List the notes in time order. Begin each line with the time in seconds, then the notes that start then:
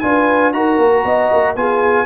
0.00 D4 F4 B4 G#5
0.53 D#4 F#4 A#4 A#5
0.78 A#3
1.04 B3 D#5
1.32 A#3
1.55 B3 F4 G#4 G#5